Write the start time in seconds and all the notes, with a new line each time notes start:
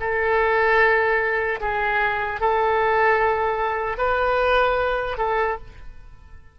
0.00 A4
1.61 G#4
2.40 A4
3.98 B4
5.18 A4